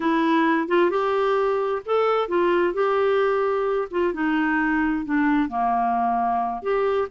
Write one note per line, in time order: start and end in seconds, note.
0.00 0.68 E4
0.68 0.90 F4
0.90 1.82 G4
1.85 2.28 A4
2.28 2.73 F4
2.73 3.88 G4
3.90 4.13 F4
4.13 5.05 D#4
5.05 5.48 D4
5.48 6.62 A#3
6.62 7.08 G4